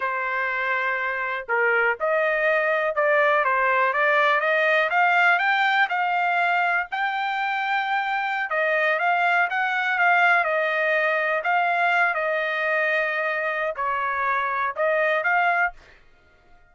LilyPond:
\new Staff \with { instrumentName = "trumpet" } { \time 4/4 \tempo 4 = 122 c''2. ais'4 | dis''2 d''4 c''4 | d''4 dis''4 f''4 g''4 | f''2 g''2~ |
g''4~ g''16 dis''4 f''4 fis''8.~ | fis''16 f''4 dis''2 f''8.~ | f''8. dis''2.~ dis''16 | cis''2 dis''4 f''4 | }